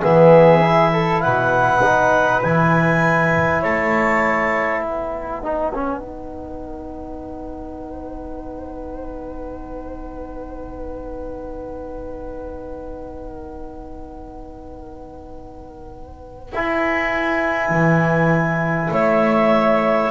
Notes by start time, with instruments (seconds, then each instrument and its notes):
0.00 double bass E3, trombone B3, flute G#4, clarinet E5
0.61 trombone E4
0.93 flute A4
1.21 double bass B2, flute B4, clarinet F#5
1.83 trombone D#4
2.43 double bass E3, trombone E4, clarinet G#5
3.61 double bass A3, flute C#5, clarinet A5
4.81 double bass B3, flute B4, clarinet F#5
5.43 trombone D#4
5.74 trombone C#4
6.00 trombone D#4
16.52 double bass E4, trombone E4, clarinet G#5
17.69 double bass E3
18.91 double bass A3, flute C#5, clarinet E5